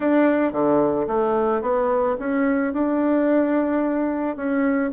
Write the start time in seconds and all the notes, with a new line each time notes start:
0.00 D4
0.52 D3
1.07 A3
1.61 B3
2.19 C#4
2.73 D4
4.36 C#4